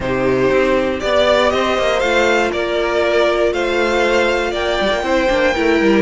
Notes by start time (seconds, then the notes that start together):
0.00 C3 D#4 G4 C5
0.50 C4
1.00 B3 G4 D5
1.50 C4 C5 D#5
1.78 A#3
1.99 A3 F4 F5
2.51 A#3 A#4 D5
3.52 A3 C5 F5
4.50 A#3 D5 G5
4.81 G3
4.90 A#3
5.02 C4 E4 C5
5.28 A#3 D4
5.54 A3 E4 A#4
5.81 G3